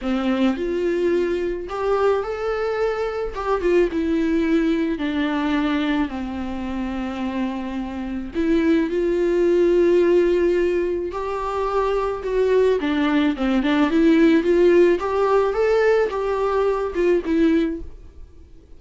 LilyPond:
\new Staff \with { instrumentName = "viola" } { \time 4/4 \tempo 4 = 108 c'4 f'2 g'4 | a'2 g'8 f'8 e'4~ | e'4 d'2 c'4~ | c'2. e'4 |
f'1 | g'2 fis'4 d'4 | c'8 d'8 e'4 f'4 g'4 | a'4 g'4. f'8 e'4 | }